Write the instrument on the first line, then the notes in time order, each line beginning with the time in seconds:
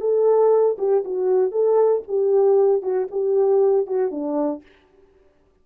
horn
0.00 A4
0.78 G4
1.04 F#4
1.51 A4
2.07 G4
2.82 F#4
3.11 G4
3.86 F#4
4.11 D4